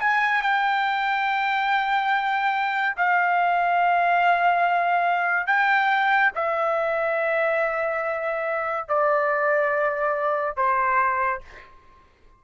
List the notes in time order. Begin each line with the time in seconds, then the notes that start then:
0.00 G#5
0.42 G5
2.97 F5
5.47 G5
6.35 E5
8.89 D5
10.56 C5